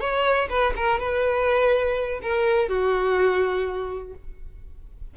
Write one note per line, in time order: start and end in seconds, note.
0.00 0.48 C#5
0.49 0.73 B4
0.76 0.99 A#4
0.99 2.20 B4
2.22 2.68 A#4
2.68 4.13 F#4